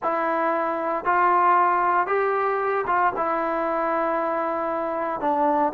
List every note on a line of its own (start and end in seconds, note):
0.02 1.05 E4
1.05 2.07 F4
2.07 2.85 G4
2.86 3.12 F4
3.16 5.20 E4
5.20 5.72 D4